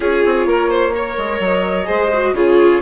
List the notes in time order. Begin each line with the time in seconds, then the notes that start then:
0.00 C#4 F4 G#4 C#5
0.25 C4
0.45 A#3 A#4
0.69 C5
0.92 A#4 C#5
1.17 G#3
1.39 F#3 D#5
1.85 G#3 G#4 C5
2.13 F#4
2.32 C#3 F4 G#4 C#5